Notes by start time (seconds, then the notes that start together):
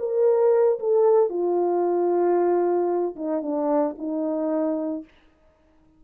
0.00 A#4
0.80 A4
1.30 F4
3.16 D#4
3.42 D4
3.99 D#4